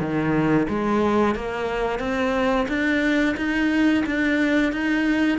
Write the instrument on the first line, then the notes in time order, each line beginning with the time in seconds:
cello
0.00 D#3
0.69 G#3
1.36 A#3
1.99 C4
2.69 D4
3.37 D#4
4.06 D4
4.73 D#4